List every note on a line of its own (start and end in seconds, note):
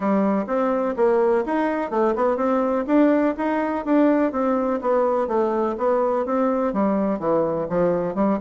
0.00 0.45 G3
0.46 0.94 C4
0.96 1.44 A#3
1.45 1.90 D#4
1.90 2.14 A3
2.15 2.37 B3
2.37 2.85 C4
2.87 3.35 D4
3.37 3.85 D#4
3.85 4.32 D4
4.32 4.80 C4
4.81 5.27 B3
5.27 5.75 A3
5.77 6.25 B3
6.25 6.73 C4
6.73 7.19 G3
7.19 7.67 E3
7.69 8.14 F3
8.14 8.38 G3